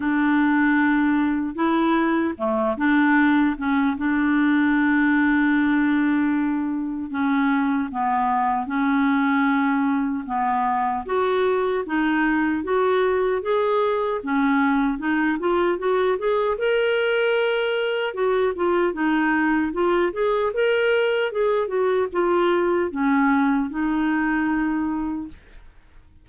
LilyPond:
\new Staff \with { instrumentName = "clarinet" } { \time 4/4 \tempo 4 = 76 d'2 e'4 a8 d'8~ | d'8 cis'8 d'2.~ | d'4 cis'4 b4 cis'4~ | cis'4 b4 fis'4 dis'4 |
fis'4 gis'4 cis'4 dis'8 f'8 | fis'8 gis'8 ais'2 fis'8 f'8 | dis'4 f'8 gis'8 ais'4 gis'8 fis'8 | f'4 cis'4 dis'2 | }